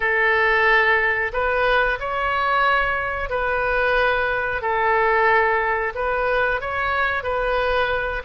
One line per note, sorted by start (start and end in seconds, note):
0.00 1.32 A4
1.32 1.98 B4
1.99 3.29 C#5
3.29 4.61 B4
4.61 5.93 A4
5.95 6.60 B4
6.60 7.23 C#5
7.23 8.22 B4